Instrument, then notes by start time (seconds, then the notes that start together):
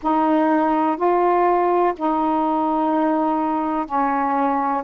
saxophone
0.02 D#4
0.97 F4
1.97 D#4
3.85 C#4